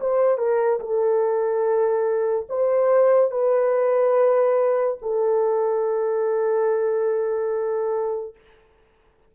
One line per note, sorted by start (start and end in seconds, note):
0.00 0.37 C5
0.37 0.79 A#4
0.80 2.46 A4
2.48 3.31 C5
3.31 4.98 B4
5.02 8.35 A4